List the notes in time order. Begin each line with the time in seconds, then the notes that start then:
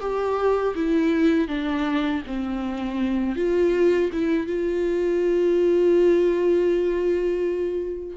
0.00 G4
0.75 E4
1.48 D4
2.27 C4
3.36 F4
4.12 E4
4.46 F4